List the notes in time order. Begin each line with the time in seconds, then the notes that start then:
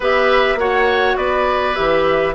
0.00 B3 G4 B4 E5
0.55 A#3 F#4 C#5 F#5
1.16 B3 B4 D5
1.75 E3 G4 E5